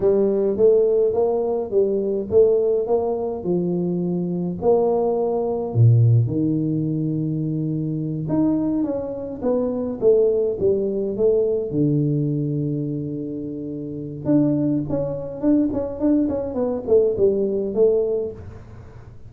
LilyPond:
\new Staff \with { instrumentName = "tuba" } { \time 4/4 \tempo 4 = 105 g4 a4 ais4 g4 | a4 ais4 f2 | ais2 ais,4 dis4~ | dis2~ dis8 dis'4 cis'8~ |
cis'8 b4 a4 g4 a8~ | a8 d2.~ d8~ | d4 d'4 cis'4 d'8 cis'8 | d'8 cis'8 b8 a8 g4 a4 | }